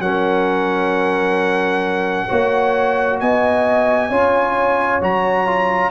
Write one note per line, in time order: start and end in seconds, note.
0.00 2.27 F#3
0.00 2.29 C#4
0.00 2.28 A#4
0.00 3.20 F#5
2.28 3.22 A#3
2.28 4.11 F#4
2.28 3.19 C#5
3.20 4.11 B3
3.20 4.10 D#5
3.20 5.02 G#5
4.10 5.02 C#4
4.10 5.02 F4
4.10 5.91 C#5
5.02 5.91 F#3
5.02 5.47 F#4
5.02 5.91 A#5
5.47 5.91 F4